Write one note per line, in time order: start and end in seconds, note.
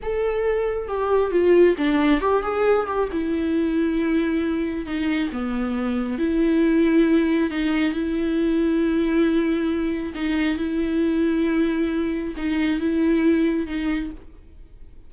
0.02 0.88 A4
0.88 1.31 G4
1.31 1.75 F4
1.77 2.20 D4
2.20 2.42 G4
2.42 2.86 G#4
2.86 3.08 G4
3.11 4.85 E4
4.85 5.30 D#4
5.32 6.18 B3
6.18 7.50 E4
7.50 7.92 D#4
7.92 10.13 E4
10.15 10.57 D#4
10.57 12.34 E4
12.36 12.80 D#4
12.80 13.66 E4
13.66 14.10 D#4